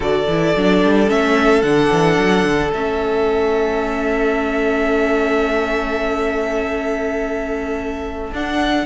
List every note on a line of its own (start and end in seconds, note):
0.00 0.27 D3
0.00 0.27 F#4
0.00 8.85 A4
0.00 1.09 D5
0.27 0.55 E3
0.27 0.56 E4
0.56 0.83 F#3
0.56 1.07 D4
0.83 1.10 G3
1.07 1.62 A3
1.07 1.62 C#4
1.07 1.62 E5
1.62 1.90 D3
1.62 2.73 D4
1.62 2.71 F#5
1.91 2.17 E3
2.17 2.44 F#3
2.44 2.71 D3
2.72 8.31 A3
2.72 8.33 C#4
2.72 8.33 E5
8.32 8.85 D4
8.32 8.85 F#5